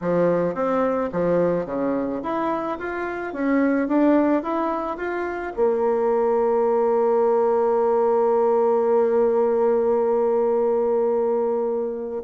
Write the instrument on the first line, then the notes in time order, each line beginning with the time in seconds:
bassoon
0.01 F3
0.54 C4
1.12 F3
1.65 C#3
2.22 E4
2.79 F4
3.33 C#4
3.88 D4
4.42 E4
4.97 F4
5.56 A#3